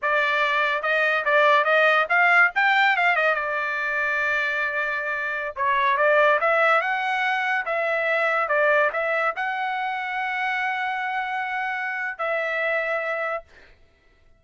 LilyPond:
\new Staff \with { instrumentName = "trumpet" } { \time 4/4 \tempo 4 = 143 d''2 dis''4 d''4 | dis''4 f''4 g''4 f''8 dis''8 | d''1~ | d''4~ d''16 cis''4 d''4 e''8.~ |
e''16 fis''2 e''4.~ e''16~ | e''16 d''4 e''4 fis''4.~ fis''16~ | fis''1~ | fis''4 e''2. | }